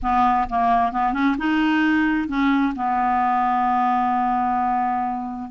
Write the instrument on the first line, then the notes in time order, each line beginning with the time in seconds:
clarinet
0.02 B3
0.49 A#3
0.91 B3
1.13 C#4
1.37 D#4
2.28 C#4
2.75 B3